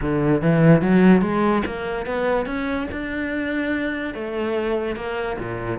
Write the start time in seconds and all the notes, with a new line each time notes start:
0.01 D3
0.41 E3
0.81 F#3
1.21 G#3
1.66 A#3
2.06 B3
2.45 C#4
2.91 D4
4.14 A3
4.96 A#3
5.38 A#2